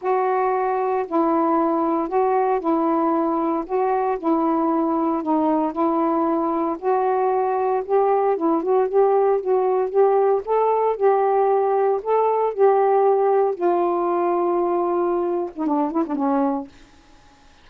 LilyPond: \new Staff \with { instrumentName = "saxophone" } { \time 4/4 \tempo 4 = 115 fis'2 e'2 | fis'4 e'2 fis'4 | e'2 dis'4 e'4~ | e'4 fis'2 g'4 |
e'8 fis'8 g'4 fis'4 g'4 | a'4 g'2 a'4 | g'2 f'2~ | f'4.~ f'16 dis'16 d'8 e'16 d'16 cis'4 | }